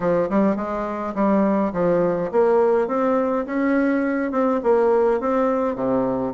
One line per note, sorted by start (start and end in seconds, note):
0.00 0.29 F3
0.29 0.56 G3
0.56 1.14 G#3
1.14 1.72 G3
1.73 2.30 F3
2.31 2.87 A#3
2.87 3.45 C4
3.46 4.31 C#4
4.31 4.60 C4
4.63 5.20 A#3
5.20 5.75 C4
5.75 6.33 C3